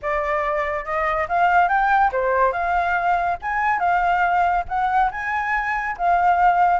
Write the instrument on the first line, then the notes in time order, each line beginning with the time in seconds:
flute
0.01 D5
0.84 D#5
1.28 F5
1.68 G5
2.12 C5
2.52 F5
3.42 G#5
3.79 F5
4.68 F#5
5.11 G#5
5.97 F5